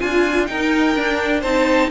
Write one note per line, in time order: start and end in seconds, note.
0.00 0.49 D4
0.00 0.46 F4
0.00 0.48 F4
0.00 0.46 G#5
0.46 0.94 D#4
0.46 0.96 D#4
0.46 1.41 A#4
0.46 1.41 G5
0.96 1.44 D4
0.96 1.43 D4
1.41 1.91 C4
1.41 1.91 D#4
1.41 1.88 C5
1.41 1.90 A5